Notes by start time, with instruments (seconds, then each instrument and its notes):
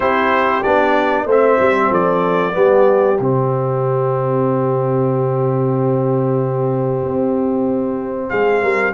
0.00 tuba C4, trombone E4, horn G4, trumpet C5
0.62 tuba B3, trombone D4, trumpet D5
1.25 tuba A3, trombone C4, horn C5
1.31 trumpet E5
1.59 tuba G3
1.90 tuba F3, horn A4, trumpet D5
2.52 tuba G3, trombone B3, horn G4
3.19 tuba C3, trombone C4, trumpet E5
7.03 tuba C4
8.29 tuba G#3, horn G#4, trumpet F5
8.61 tuba G3, horn A#4